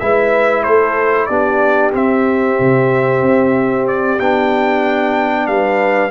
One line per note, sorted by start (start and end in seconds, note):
0.00 0.65 G#3
0.00 1.30 E4
0.00 0.65 B4
0.00 0.64 E5
0.64 1.30 A3
0.64 1.29 A4
0.64 1.26 C5
1.26 1.94 B3
1.26 1.92 D4
1.26 5.48 G4
1.26 1.91 D5
1.92 4.18 C4
1.92 2.59 C4
1.92 3.88 E5
2.60 3.22 C3
3.22 4.19 C4
3.88 4.19 D5
4.19 5.48 B3
4.19 6.11 D4
4.19 5.47 G5
5.47 6.11 G3
5.47 6.11 B4
5.47 6.11 F5